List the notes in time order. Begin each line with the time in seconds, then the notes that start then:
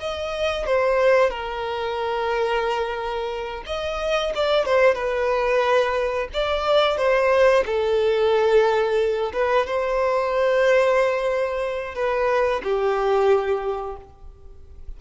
0.00 D#5
0.66 C5
1.30 A#4
3.66 D#5
4.35 D5
4.65 C5
4.95 B4
6.34 D5
6.97 C5
7.66 A4
9.33 B4
9.67 C5
11.95 B4
12.63 G4